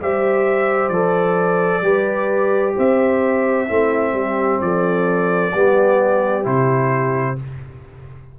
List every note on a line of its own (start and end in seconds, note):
0.00 0.89 G3
0.00 0.92 G4
0.00 1.84 C5
0.00 0.88 E5
0.88 1.81 F3
0.88 1.82 A4
0.88 2.73 D5
1.81 2.73 G3
1.81 3.67 G4
1.81 2.75 B4
2.75 3.69 C4
2.75 3.66 C5
2.75 4.61 E5
3.66 4.13 A3
3.66 5.52 C4
3.66 4.12 E4
4.13 4.59 G3
4.13 4.60 G4
4.60 5.53 F3
4.60 5.54 A4
4.60 6.45 D5
5.53 6.45 G3
5.53 6.43 B3
5.53 7.38 G4
6.43 7.38 C3
6.43 7.35 E4
6.43 7.38 C5